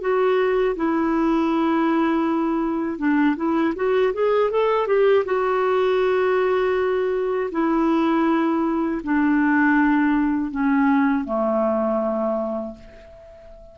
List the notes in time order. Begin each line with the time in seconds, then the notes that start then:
0.00 F#4
0.75 E4
2.98 D4
3.36 E4
3.75 F#4
4.13 G#4
4.50 A4
4.86 G4
5.25 F#4
7.51 E4
9.03 D4
10.50 C#4
11.24 A3